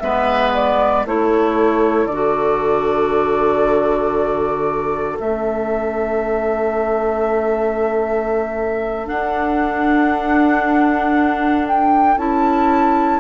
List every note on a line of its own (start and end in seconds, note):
0.00 1.05 G#3
0.00 1.06 B3
0.00 1.06 B4
0.00 0.52 E5
0.54 1.06 D5
1.05 2.06 A3
1.05 2.10 E4
1.05 13.20 A4
1.05 2.07 C#5
2.06 5.17 D3
2.06 5.22 F#4
2.06 5.17 D5
5.20 9.08 A3
5.20 9.06 C#4
5.20 9.07 E5
9.06 12.17 D4
9.06 12.16 D4
9.06 11.66 F#5
11.67 12.18 G5
12.16 13.20 C#4
12.16 13.20 E4
12.16 13.20 A5